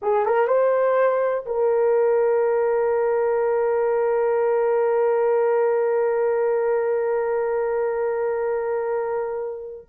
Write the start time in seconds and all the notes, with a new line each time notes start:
0.02 G#4
0.25 A#4
0.47 C5
1.45 A#4